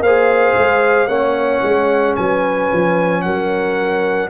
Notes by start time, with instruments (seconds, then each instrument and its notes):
0.00 tuba A#3, trombone G#4, horn C5, trumpet F5
0.58 tuba G#3
1.07 tuba A#3, trombone C#4, horn C#5, trumpet F#5
1.63 tuba G#3
2.16 tuba F#3, horn B4, trumpet G#5
2.73 tuba F3
3.22 tuba F#3, horn A#4, trumpet F#5